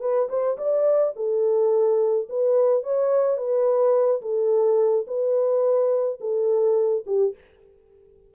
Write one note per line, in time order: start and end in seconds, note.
0.00 0.28 B4
0.29 0.57 C5
0.57 1.13 D5
1.15 2.28 A4
2.29 2.83 B4
2.83 3.37 C#5
3.37 4.21 B4
4.22 5.06 A4
5.07 6.19 B4
6.20 7.04 A4
7.06 7.34 G4